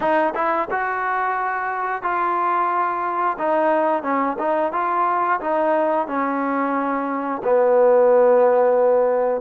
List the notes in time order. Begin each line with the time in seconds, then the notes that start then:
0.00 D#4
0.34 E4
0.70 F#4
2.02 F4
3.38 D#4
4.02 C#4
4.39 D#4
4.72 F4
5.40 D#4
6.07 C#4
7.43 B3